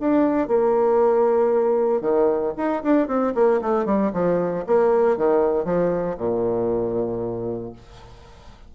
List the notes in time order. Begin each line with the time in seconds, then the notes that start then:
0.00 D4
0.48 A#3
2.01 D#3
2.57 D#4
2.83 D4
3.08 C4
3.35 A#3
3.61 A3
3.86 G3
4.13 F3
4.67 A#3
5.17 D#3
5.65 F3
6.18 A#2